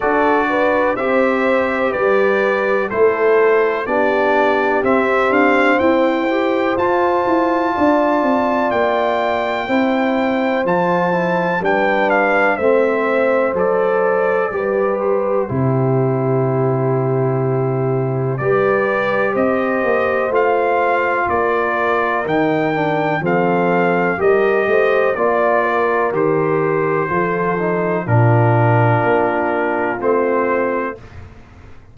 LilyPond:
<<
  \new Staff \with { instrumentName = "trumpet" } { \time 4/4 \tempo 4 = 62 d''4 e''4 d''4 c''4 | d''4 e''8 f''8 g''4 a''4~ | a''4 g''2 a''4 | g''8 f''8 e''4 d''4. c''8~ |
c''2. d''4 | dis''4 f''4 d''4 g''4 | f''4 dis''4 d''4 c''4~ | c''4 ais'2 c''4 | }
  \new Staff \with { instrumentName = "horn" } { \time 4/4 a'8 b'8 c''4 b'4 a'4 | g'2 c''2 | d''2 c''2 | b'4 c''2 b'4 |
g'2. b'4 | c''2 ais'2 | a'4 ais'8 c''8 d''8 ais'4. | a'4 f'2. | }
  \new Staff \with { instrumentName = "trombone" } { \time 4/4 fis'4 g'2 e'4 | d'4 c'4. g'8 f'4~ | f'2 e'4 f'8 e'8 | d'4 c'4 a'4 g'4 |
e'2. g'4~ | g'4 f'2 dis'8 d'8 | c'4 g'4 f'4 g'4 | f'8 dis'8 d'2 c'4 | }
  \new Staff \with { instrumentName = "tuba" } { \time 4/4 d'4 c'4 g4 a4 | b4 c'8 d'8 e'4 f'8 e'8 | d'8 c'8 ais4 c'4 f4 | g4 a4 fis4 g4 |
c2. g4 | c'8 ais8 a4 ais4 dis4 | f4 g8 a8 ais4 dis4 | f4 ais,4 ais4 a4 | }
>>